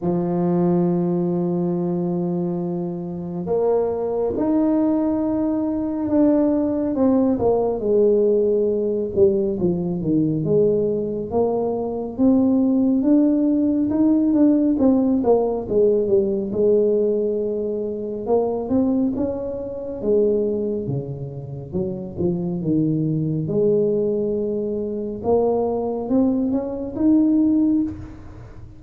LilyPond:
\new Staff \with { instrumentName = "tuba" } { \time 4/4 \tempo 4 = 69 f1 | ais4 dis'2 d'4 | c'8 ais8 gis4. g8 f8 dis8 | gis4 ais4 c'4 d'4 |
dis'8 d'8 c'8 ais8 gis8 g8 gis4~ | gis4 ais8 c'8 cis'4 gis4 | cis4 fis8 f8 dis4 gis4~ | gis4 ais4 c'8 cis'8 dis'4 | }